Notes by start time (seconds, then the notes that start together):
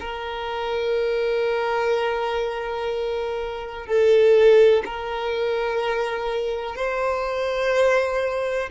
0.00 A#4
3.87 A4
4.85 A#4
6.76 C5